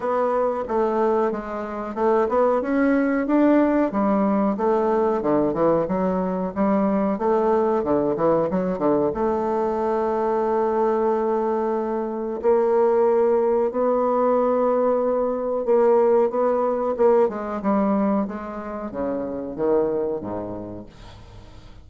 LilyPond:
\new Staff \with { instrumentName = "bassoon" } { \time 4/4 \tempo 4 = 92 b4 a4 gis4 a8 b8 | cis'4 d'4 g4 a4 | d8 e8 fis4 g4 a4 | d8 e8 fis8 d8 a2~ |
a2. ais4~ | ais4 b2. | ais4 b4 ais8 gis8 g4 | gis4 cis4 dis4 gis,4 | }